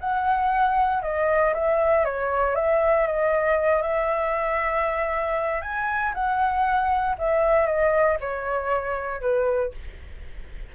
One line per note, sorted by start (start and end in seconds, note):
0.00 1.03 F#5
1.03 1.54 D#5
1.54 2.05 E5
2.05 2.55 C#5
2.55 3.07 E5
3.07 3.82 D#5
3.82 5.62 E5
5.62 6.13 G#5
6.14 7.17 F#5
7.18 7.66 E5
7.66 8.18 D#5
8.20 9.21 C#5
9.21 9.72 B4